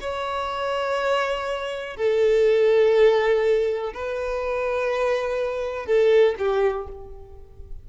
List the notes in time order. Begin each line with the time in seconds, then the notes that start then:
0.00 C#5
1.96 A4
3.93 B4
5.86 A4
6.38 G4